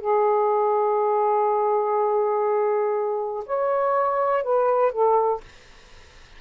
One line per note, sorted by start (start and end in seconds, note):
0.00 3.44 G#4
3.46 4.43 C#5
4.43 4.92 B4
4.92 5.41 A4